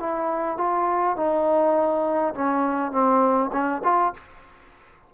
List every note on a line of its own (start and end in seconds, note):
0.00 0.58 E4
0.58 1.17 F4
1.17 2.34 D#4
2.34 2.92 C#4
2.92 3.51 C4
3.53 3.82 C#4
3.84 4.14 F4